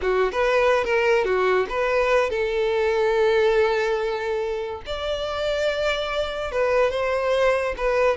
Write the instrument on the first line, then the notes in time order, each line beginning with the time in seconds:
violin
0.01 F#4
0.32 B4
0.84 A#4
1.24 F#4
1.69 B4
2.30 A4
4.86 D5
6.51 B4
6.90 C5
7.77 B4